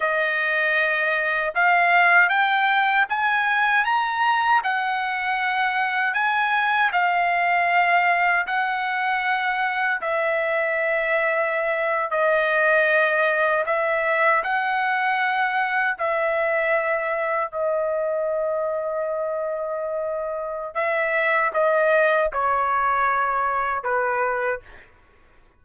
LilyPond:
\new Staff \with { instrumentName = "trumpet" } { \time 4/4 \tempo 4 = 78 dis''2 f''4 g''4 | gis''4 ais''4 fis''2 | gis''4 f''2 fis''4~ | fis''4 e''2~ e''8. dis''16~ |
dis''4.~ dis''16 e''4 fis''4~ fis''16~ | fis''8. e''2 dis''4~ dis''16~ | dis''2. e''4 | dis''4 cis''2 b'4 | }